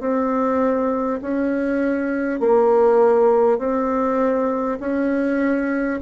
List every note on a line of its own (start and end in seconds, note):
0.00 1.20 C4
1.22 2.40 C#4
2.40 3.58 A#3
3.58 4.78 C4
4.81 6.01 C#4